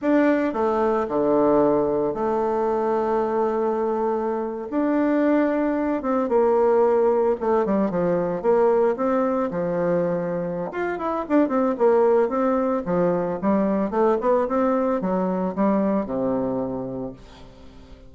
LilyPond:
\new Staff \with { instrumentName = "bassoon" } { \time 4/4 \tempo 4 = 112 d'4 a4 d2 | a1~ | a8. d'2~ d'8 c'8 ais16~ | ais4.~ ais16 a8 g8 f4 ais16~ |
ais8. c'4 f2~ f16 | f'8 e'8 d'8 c'8 ais4 c'4 | f4 g4 a8 b8 c'4 | fis4 g4 c2 | }